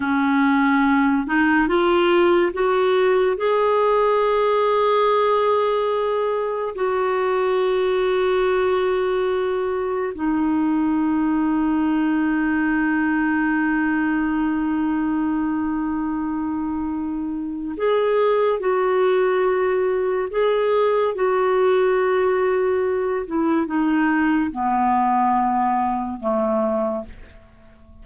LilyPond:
\new Staff \with { instrumentName = "clarinet" } { \time 4/4 \tempo 4 = 71 cis'4. dis'8 f'4 fis'4 | gis'1 | fis'1 | dis'1~ |
dis'1~ | dis'4 gis'4 fis'2 | gis'4 fis'2~ fis'8 e'8 | dis'4 b2 a4 | }